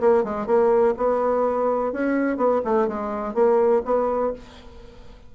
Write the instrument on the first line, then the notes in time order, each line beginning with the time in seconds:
bassoon
0.00 A#3
0.24 G#3
0.46 A#3
0.97 B3
1.93 C#4
2.37 B3
2.64 A3
2.88 G#3
3.34 A#3
3.85 B3